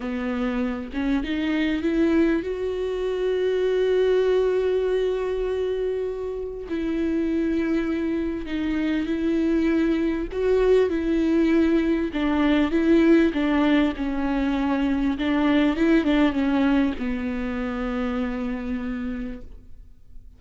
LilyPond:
\new Staff \with { instrumentName = "viola" } { \time 4/4 \tempo 4 = 99 b4. cis'8 dis'4 e'4 | fis'1~ | fis'2. e'4~ | e'2 dis'4 e'4~ |
e'4 fis'4 e'2 | d'4 e'4 d'4 cis'4~ | cis'4 d'4 e'8 d'8 cis'4 | b1 | }